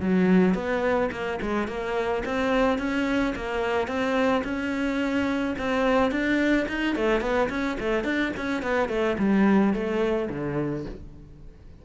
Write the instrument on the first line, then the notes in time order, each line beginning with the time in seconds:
cello
0.00 F#3
0.54 B3
1.11 A#3
1.41 G#3
1.67 A#3
2.25 C4
2.78 C#4
3.35 A#3
3.87 C4
4.44 C#4
5.58 C4
6.11 D4
6.68 D#4
6.95 A3
7.20 B3
7.49 C#4
7.79 A3
8.04 D4
8.36 C#4
8.62 B3
8.89 A3
9.18 G3
9.73 A3
10.29 D3